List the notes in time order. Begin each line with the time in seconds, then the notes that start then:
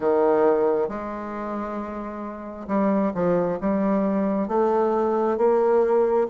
0.00 D#3
0.88 G#3
2.67 G3
3.14 F3
3.61 G3
4.48 A3
5.37 A#3